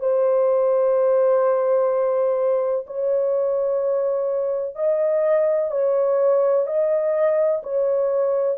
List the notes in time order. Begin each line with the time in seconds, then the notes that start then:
0.00 C5
2.87 C#5
4.76 D#5
5.71 C#5
6.67 D#5
7.63 C#5